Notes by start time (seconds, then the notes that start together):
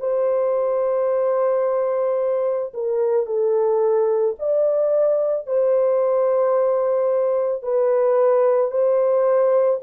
0.00 C5
2.74 A#4
3.26 A4
4.39 D5
5.46 C5
7.63 B4
8.71 C5